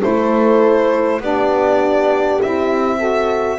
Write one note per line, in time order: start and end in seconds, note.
0.00 1.21 A3
0.00 1.20 E4
0.00 1.21 A4
0.00 1.22 C5
1.21 2.41 B3
1.21 2.41 D4
1.21 3.00 G4
1.21 2.42 D5
2.42 3.60 C4
2.42 2.98 E4
2.42 3.60 E5
2.98 3.58 F#4
2.98 3.60 A4